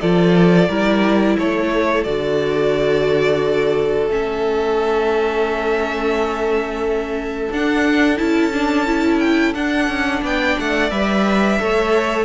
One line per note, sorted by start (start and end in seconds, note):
0.00 0.68 F3
0.00 0.70 F4
0.00 0.68 A4
0.00 1.36 D5
0.68 1.36 G3
0.68 2.06 E4
0.68 1.36 A#4
1.38 2.05 A3
1.38 10.22 A4
1.38 2.04 C#5
2.04 4.07 D3
2.04 4.09 F#4
2.04 4.08 D5
4.07 7.48 A3
4.07 7.50 C#4
4.07 7.52 E5
7.51 8.19 D4
7.51 8.16 D4
7.51 8.17 F#5
8.16 9.54 C#4
8.16 8.51 E4
8.16 9.19 A5
8.53 8.86 D4
8.86 9.54 E4
9.19 9.53 G5
9.54 9.87 D4
9.54 10.90 D4
9.54 10.22 F#5
9.87 10.21 C#4
10.22 10.56 B3
10.22 11.59 D5
10.22 10.59 G5
10.59 10.91 A3
10.59 10.90 F#5
10.90 11.59 G3
10.90 11.58 B4
10.90 12.25 E5
11.59 12.25 A3
11.59 12.25 A4
11.59 12.25 C#5